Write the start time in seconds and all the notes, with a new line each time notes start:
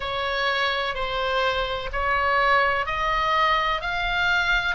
0.00 C#5
0.94 C5
1.92 C#5
2.86 D#5
3.81 F5